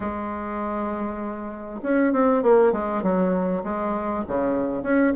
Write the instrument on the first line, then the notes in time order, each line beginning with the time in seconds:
bassoon
0.00 G#3
1.82 C#4
2.12 C4
2.42 A#3
2.72 G#3
3.02 F#3
3.63 G#3
4.27 C#3
4.82 C#4